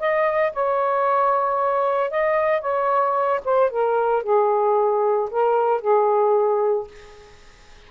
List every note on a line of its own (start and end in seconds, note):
0.00 0.53 D#5
0.53 2.11 C#5
2.11 2.62 D#5
2.62 3.41 C#5
3.45 3.71 C5
3.71 4.24 A#4
4.24 5.30 G#4
5.31 5.82 A#4
5.82 6.88 G#4